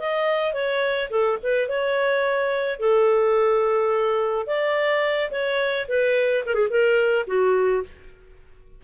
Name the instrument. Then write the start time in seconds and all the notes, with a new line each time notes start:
clarinet
0.00 D#5
0.54 C#5
1.11 A4
1.43 B4
1.69 C#5
2.80 A4
4.47 D5
5.31 C#5
5.89 B4
6.46 A#4
6.55 G#4
6.70 A#4
7.27 F#4